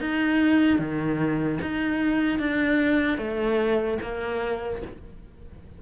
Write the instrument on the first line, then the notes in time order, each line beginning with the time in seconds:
cello
0.00 D#4
0.79 D#3
1.61 D#4
2.39 D4
3.17 A3
4.01 A#3